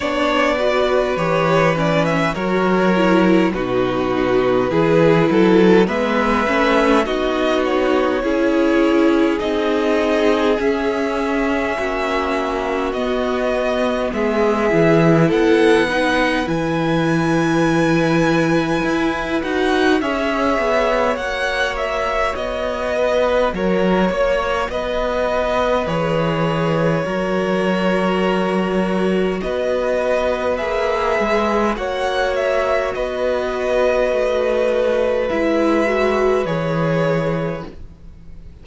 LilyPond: <<
  \new Staff \with { instrumentName = "violin" } { \time 4/4 \tempo 4 = 51 d''4 cis''8 d''16 e''16 cis''4 b'4~ | b'4 e''4 dis''8 cis''4. | dis''4 e''2 dis''4 | e''4 fis''4 gis''2~ |
gis''8 fis''8 e''4 fis''8 e''8 dis''4 | cis''4 dis''4 cis''2~ | cis''4 dis''4 e''4 fis''8 e''8 | dis''2 e''4 cis''4 | }
  \new Staff \with { instrumentName = "violin" } { \time 4/4 cis''8 b'4. ais'4 fis'4 | gis'8 a'8 b'4 fis'4 gis'4~ | gis'2 fis'2 | gis'4 a'8 b'2~ b'8~ |
b'4 cis''2~ cis''8 b'8 | ais'8 cis''8 b'2 ais'4~ | ais'4 b'2 cis''4 | b'1 | }
  \new Staff \with { instrumentName = "viola" } { \time 4/4 d'8 fis'8 g'8 cis'8 fis'8 e'8 dis'4 | e'4 b8 cis'8 dis'4 e'4 | dis'4 cis'2 b4~ | b8 e'4 dis'8 e'2~ |
e'8 fis'8 gis'4 fis'2~ | fis'2 gis'4 fis'4~ | fis'2 gis'4 fis'4~ | fis'2 e'8 fis'8 gis'4 | }
  \new Staff \with { instrumentName = "cello" } { \time 4/4 b4 e4 fis4 b,4 | e8 fis8 gis8 a8 b4 cis'4 | c'4 cis'4 ais4 b4 | gis8 e8 b4 e2 |
e'8 dis'8 cis'8 b8 ais4 b4 | fis8 ais8 b4 e4 fis4~ | fis4 b4 ais8 gis8 ais4 | b4 a4 gis4 e4 | }
>>